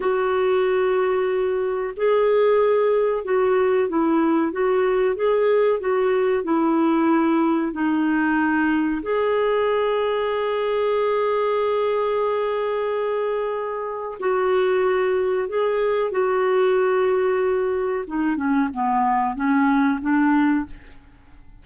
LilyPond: \new Staff \with { instrumentName = "clarinet" } { \time 4/4 \tempo 4 = 93 fis'2. gis'4~ | gis'4 fis'4 e'4 fis'4 | gis'4 fis'4 e'2 | dis'2 gis'2~ |
gis'1~ | gis'2 fis'2 | gis'4 fis'2. | dis'8 cis'8 b4 cis'4 d'4 | }